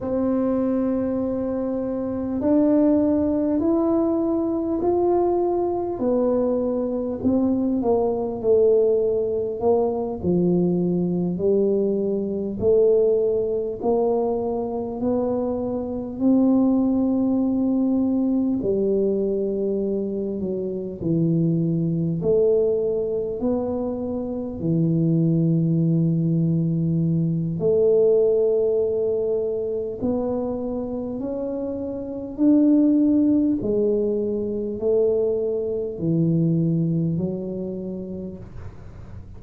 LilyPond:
\new Staff \with { instrumentName = "tuba" } { \time 4/4 \tempo 4 = 50 c'2 d'4 e'4 | f'4 b4 c'8 ais8 a4 | ais8 f4 g4 a4 ais8~ | ais8 b4 c'2 g8~ |
g4 fis8 e4 a4 b8~ | b8 e2~ e8 a4~ | a4 b4 cis'4 d'4 | gis4 a4 e4 fis4 | }